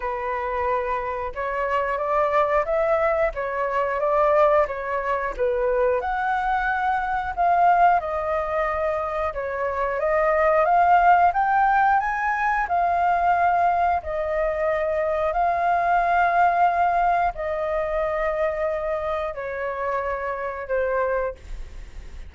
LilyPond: \new Staff \with { instrumentName = "flute" } { \time 4/4 \tempo 4 = 90 b'2 cis''4 d''4 | e''4 cis''4 d''4 cis''4 | b'4 fis''2 f''4 | dis''2 cis''4 dis''4 |
f''4 g''4 gis''4 f''4~ | f''4 dis''2 f''4~ | f''2 dis''2~ | dis''4 cis''2 c''4 | }